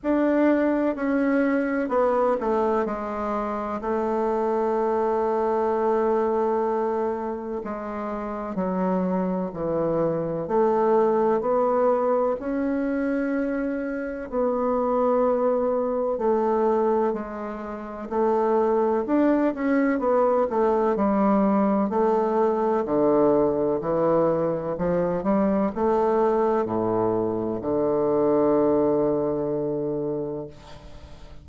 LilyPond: \new Staff \with { instrumentName = "bassoon" } { \time 4/4 \tempo 4 = 63 d'4 cis'4 b8 a8 gis4 | a1 | gis4 fis4 e4 a4 | b4 cis'2 b4~ |
b4 a4 gis4 a4 | d'8 cis'8 b8 a8 g4 a4 | d4 e4 f8 g8 a4 | a,4 d2. | }